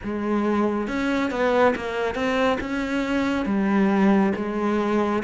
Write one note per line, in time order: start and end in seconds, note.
0.03 0.87 G#3
0.87 1.30 C#4
1.30 1.74 B3
1.75 2.14 A#3
2.14 2.58 C4
2.60 3.45 C#4
3.45 4.32 G3
4.35 5.22 G#3